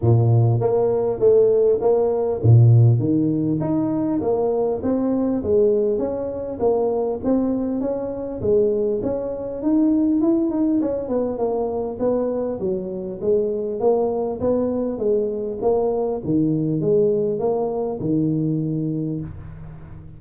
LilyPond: \new Staff \with { instrumentName = "tuba" } { \time 4/4 \tempo 4 = 100 ais,4 ais4 a4 ais4 | ais,4 dis4 dis'4 ais4 | c'4 gis4 cis'4 ais4 | c'4 cis'4 gis4 cis'4 |
dis'4 e'8 dis'8 cis'8 b8 ais4 | b4 fis4 gis4 ais4 | b4 gis4 ais4 dis4 | gis4 ais4 dis2 | }